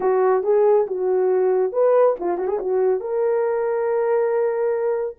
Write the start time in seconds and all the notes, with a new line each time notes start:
0.00 F#4
0.43 G#4
0.87 F#4
1.72 B4
2.19 F4
2.37 F#4
2.47 G#4
2.59 F#4
3.00 A#4